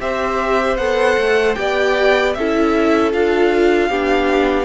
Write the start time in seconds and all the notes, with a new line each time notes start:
0.00 C4 G4 C5 E5
0.77 B3 A4 F#5
1.17 A3
1.55 B3 G4 D5 G5
2.34 C#4 E4 A4 E5
3.12 D4 F4 F5
3.89 B3 D4 G4